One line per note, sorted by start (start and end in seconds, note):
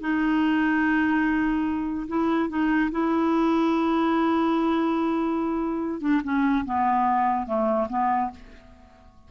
0.00 2.07 D#4
2.08 2.49 E4
2.49 2.90 D#4
2.91 6.01 E4
6.01 6.21 D4
6.23 6.65 C#4
6.65 7.46 B3
7.46 7.87 A3
7.89 8.31 B3